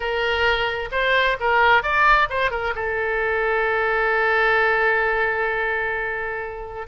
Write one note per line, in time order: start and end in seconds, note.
0.00 0.89 A#4
0.91 1.37 C5
1.39 1.82 A#4
1.82 2.28 D5
2.29 2.51 C5
2.51 2.74 A#4
2.75 6.87 A4